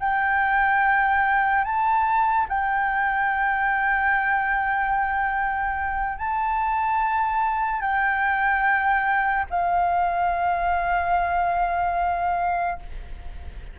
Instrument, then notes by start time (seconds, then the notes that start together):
flute
0.00 G5
1.64 A5
2.49 G5
6.18 A5
7.82 G5
9.50 F5